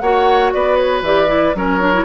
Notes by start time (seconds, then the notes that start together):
0.00 A#3 F#4 C#5 F#5
0.53 B3 B4 D5
0.77 C#5
1.02 E3 G4 D5
1.28 E4
1.55 F#3 C#4 A#4 C#5
1.80 D4
1.93 E4